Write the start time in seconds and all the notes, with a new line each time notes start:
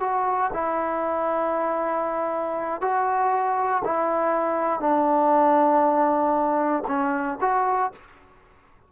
0.00 F#4
0.53 E4
2.81 F#4
3.85 E4
4.80 D4
6.88 C#4
7.41 F#4